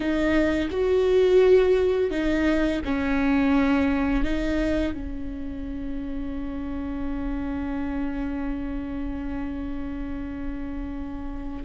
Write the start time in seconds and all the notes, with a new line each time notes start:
0.00 D#4
0.71 F#4
2.10 D#4
2.84 C#4
4.24 D#4
4.93 C#4